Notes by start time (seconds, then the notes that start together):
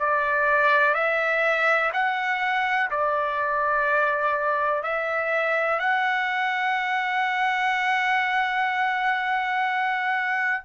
0.00 D5
0.95 E5
1.93 F#5
2.91 D5
4.83 E5
5.80 F#5